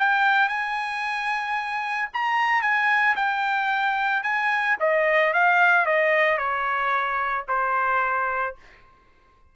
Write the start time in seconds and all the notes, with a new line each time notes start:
0.00 G5
0.49 G#5
2.14 A#5
2.62 G#5
3.16 G5
4.23 G#5
4.80 D#5
5.34 F5
5.86 D#5
6.38 C#5
7.49 C5